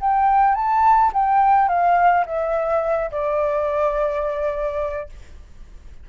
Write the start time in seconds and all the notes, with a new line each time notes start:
0.00 G5
0.55 A5
1.13 G5
1.68 F5
2.26 E5
3.11 D5